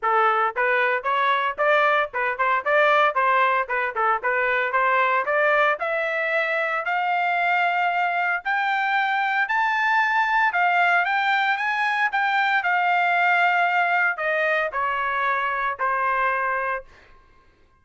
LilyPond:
\new Staff \with { instrumentName = "trumpet" } { \time 4/4 \tempo 4 = 114 a'4 b'4 cis''4 d''4 | b'8 c''8 d''4 c''4 b'8 a'8 | b'4 c''4 d''4 e''4~ | e''4 f''2. |
g''2 a''2 | f''4 g''4 gis''4 g''4 | f''2. dis''4 | cis''2 c''2 | }